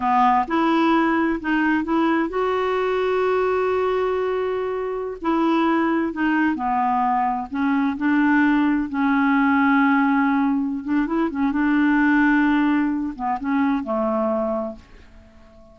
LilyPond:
\new Staff \with { instrumentName = "clarinet" } { \time 4/4 \tempo 4 = 130 b4 e'2 dis'4 | e'4 fis'2.~ | fis'2.~ fis'16 e'8.~ | e'4~ e'16 dis'4 b4.~ b16~ |
b16 cis'4 d'2 cis'8.~ | cis'2.~ cis'8 d'8 | e'8 cis'8 d'2.~ | d'8 b8 cis'4 a2 | }